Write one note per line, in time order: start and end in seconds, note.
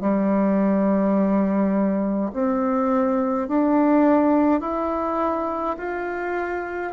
0.00 2.31 G3
2.32 3.48 C4
3.48 4.60 D4
4.60 5.76 E4
5.77 6.92 F4